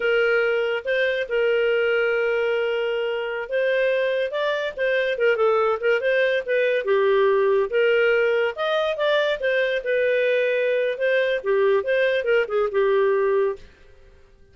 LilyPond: \new Staff \with { instrumentName = "clarinet" } { \time 4/4 \tempo 4 = 142 ais'2 c''4 ais'4~ | ais'1~ | ais'16 c''2 d''4 c''8.~ | c''16 ais'8 a'4 ais'8 c''4 b'8.~ |
b'16 g'2 ais'4.~ ais'16~ | ais'16 dis''4 d''4 c''4 b'8.~ | b'2 c''4 g'4 | c''4 ais'8 gis'8 g'2 | }